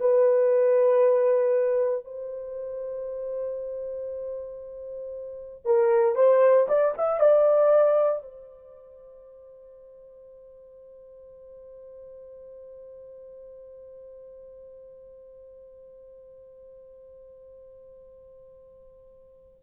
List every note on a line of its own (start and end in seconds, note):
0.00 2.05 B4
2.05 5.66 C5
5.66 6.16 A#4
6.16 6.67 C5
6.69 6.95 D5
6.98 7.20 E5
7.20 8.23 D5
8.23 19.61 C5